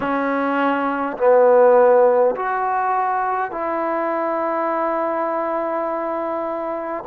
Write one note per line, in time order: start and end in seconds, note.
0.00 1.17 C#4
1.17 2.35 B3
2.35 3.51 F#4
3.51 7.04 E4